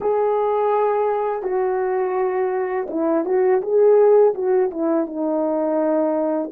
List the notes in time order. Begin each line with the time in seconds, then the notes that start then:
0.00 G#4
1.43 F#4
2.89 E4
3.25 F#4
3.61 G#4
4.34 F#4
4.70 E4
5.06 D#4